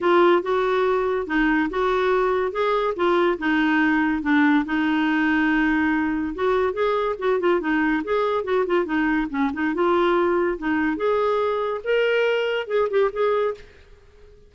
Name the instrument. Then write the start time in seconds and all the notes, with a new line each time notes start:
clarinet
0.00 F4
0.42 F#4
1.26 D#4
1.70 F#4
2.51 G#4
2.96 F4
3.38 D#4
4.22 D4
4.65 D#4
6.34 F#4
6.73 G#4
7.19 F#4
7.39 F4
7.60 D#4
8.03 G#4
8.44 F#4
8.66 F4
8.85 D#4
9.30 C#4
9.53 D#4
9.74 F4
10.57 D#4
10.96 G#4
11.83 A#4
12.67 G#4
12.89 G4
13.12 G#4